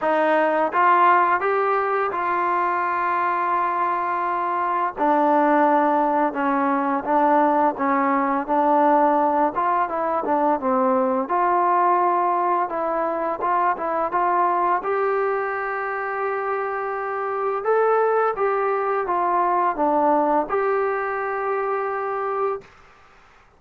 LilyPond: \new Staff \with { instrumentName = "trombone" } { \time 4/4 \tempo 4 = 85 dis'4 f'4 g'4 f'4~ | f'2. d'4~ | d'4 cis'4 d'4 cis'4 | d'4. f'8 e'8 d'8 c'4 |
f'2 e'4 f'8 e'8 | f'4 g'2.~ | g'4 a'4 g'4 f'4 | d'4 g'2. | }